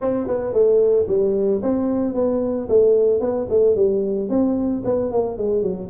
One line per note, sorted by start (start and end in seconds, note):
0.01 0.27 C4
0.27 0.53 B3
0.53 1.06 A3
1.08 1.61 G3
1.62 2.14 C4
2.14 2.68 B3
2.68 3.20 A3
3.20 3.47 B3
3.49 3.75 A3
3.75 4.29 G3
4.29 4.82 C4
4.85 5.11 B3
5.11 5.37 A#3
5.37 5.62 G#3
5.62 5.89 F#3